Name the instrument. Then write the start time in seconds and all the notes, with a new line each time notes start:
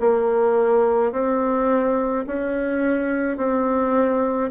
bassoon
0.00 A#3
1.12 C4
2.27 C#4
3.38 C4